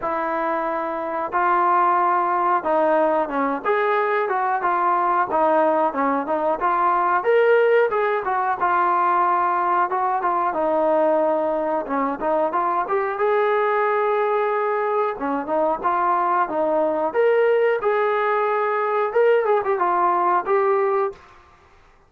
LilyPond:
\new Staff \with { instrumentName = "trombone" } { \time 4/4 \tempo 4 = 91 e'2 f'2 | dis'4 cis'8 gis'4 fis'8 f'4 | dis'4 cis'8 dis'8 f'4 ais'4 | gis'8 fis'8 f'2 fis'8 f'8 |
dis'2 cis'8 dis'8 f'8 g'8 | gis'2. cis'8 dis'8 | f'4 dis'4 ais'4 gis'4~ | gis'4 ais'8 gis'16 g'16 f'4 g'4 | }